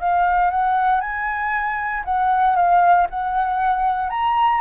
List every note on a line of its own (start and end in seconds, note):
0.00 0.51 F5
0.51 1.00 F#5
1.00 2.03 G#5
2.04 2.56 F#5
2.56 3.07 F5
3.10 4.10 F#5
4.10 4.60 A#5